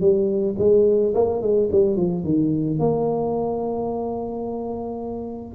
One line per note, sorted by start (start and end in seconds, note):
0.00 0.55 G3
0.58 1.13 G#3
1.14 1.41 A#3
1.41 1.69 G#3
1.72 1.96 G3
1.96 2.24 F3
2.24 2.79 D#3
2.79 5.54 A#3